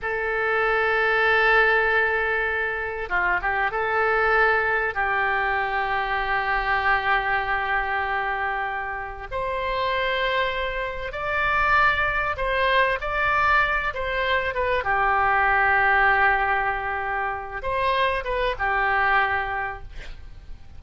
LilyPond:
\new Staff \with { instrumentName = "oboe" } { \time 4/4 \tempo 4 = 97 a'1~ | a'4 f'8 g'8 a'2 | g'1~ | g'2. c''4~ |
c''2 d''2 | c''4 d''4. c''4 b'8 | g'1~ | g'8 c''4 b'8 g'2 | }